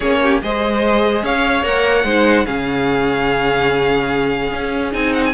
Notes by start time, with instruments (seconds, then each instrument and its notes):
0.00 cello A#3, viola C#4, violin G#4 C#5
0.22 violin G4
0.42 cello G#3, viola G#4, violin C5 D#5
1.23 cello C#4, violin C#5 F5
1.62 cello A#3, viola A#4, violin F#5
2.04 cello G#3, viola D#4, violin C5
2.45 cello C#3, viola C#4, violin G#4 F5
4.53 cello C#4
4.92 cello C4, viola D#4, violin G#5
5.13 violin F#5
5.25 violin G#5